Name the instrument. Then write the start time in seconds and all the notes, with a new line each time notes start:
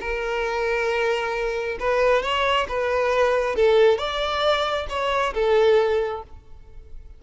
violin
0.00 A#4
1.79 B4
2.22 C#5
2.68 B4
3.55 A4
3.98 D5
4.89 C#5
5.34 A4